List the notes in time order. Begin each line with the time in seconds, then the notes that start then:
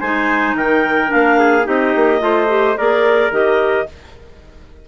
0.00 G#3 D#4 C5 G#5
0.54 D#3 A#4 G5
1.07 D4 F5
1.14 A#3
1.39 G#4
1.63 C4 D#4 G4 D#5
1.95 A#3
2.19 A3 F4 C5
2.48 G4
2.77 A#3 G#4 A#4 D5
3.31 D#3 G4 D#5